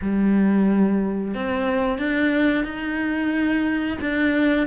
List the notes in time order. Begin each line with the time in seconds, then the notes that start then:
0.02 G3
1.34 C4
1.98 D4
2.64 D#4
4.00 D4